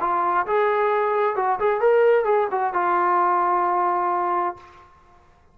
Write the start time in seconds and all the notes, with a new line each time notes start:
0.00 F4
0.46 G#4
1.36 F#4
1.59 G#4
1.80 A#4
2.24 G#4
2.51 F#4
2.73 F4